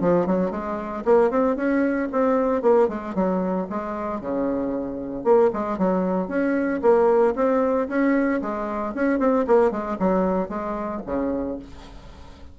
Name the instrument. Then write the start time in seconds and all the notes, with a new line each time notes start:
bassoon
0.00 F3
0.26 F#3
0.50 G#3
1.05 A#3
1.30 C4
1.56 C#4
2.11 C4
2.62 A#3
2.88 G#3
3.14 F#3
3.69 G#3
4.20 C#3
5.24 A#3
5.53 G#3
5.78 F#3
6.28 C#4
6.82 A#3
7.35 C4
7.88 C#4
8.41 G#3
8.94 C#4
9.19 C4
9.47 A#3
9.71 G#3
9.99 F#3
10.48 G#3
11.06 C#3